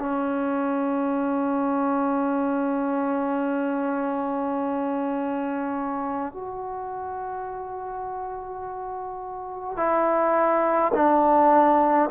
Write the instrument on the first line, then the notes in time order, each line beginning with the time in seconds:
trombone
0.00 C#4
6.33 F#4
9.77 E4
10.95 D4